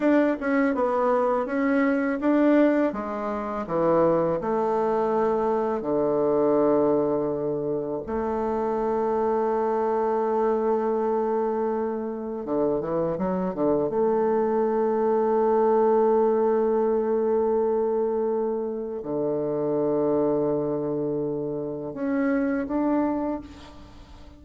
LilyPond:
\new Staff \with { instrumentName = "bassoon" } { \time 4/4 \tempo 4 = 82 d'8 cis'8 b4 cis'4 d'4 | gis4 e4 a2 | d2. a4~ | a1~ |
a4 d8 e8 fis8 d8 a4~ | a1~ | a2 d2~ | d2 cis'4 d'4 | }